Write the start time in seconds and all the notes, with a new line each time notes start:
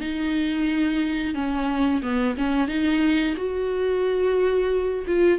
0.00 D#4
1.35 C#4
2.02 B3
2.37 C#4
2.68 D#4
3.36 F#4
5.07 F4